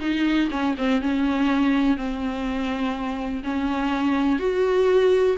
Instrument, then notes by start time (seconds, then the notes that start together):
viola
0.00 D#4
0.50 C#4
0.78 C4
1.01 C#4
1.96 C4
3.43 C#4
4.39 F#4